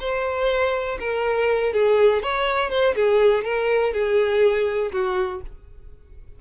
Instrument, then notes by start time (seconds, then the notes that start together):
violin
0.00 C5
0.99 A#4
1.73 G#4
2.22 C#5
2.70 C5
2.95 G#4
3.44 A#4
3.93 G#4
4.92 F#4